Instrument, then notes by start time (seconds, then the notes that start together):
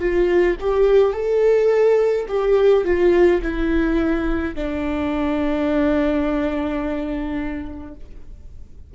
viola
0.00 F4
0.61 G4
1.14 A4
2.28 G4
2.85 F4
3.43 E4
4.55 D4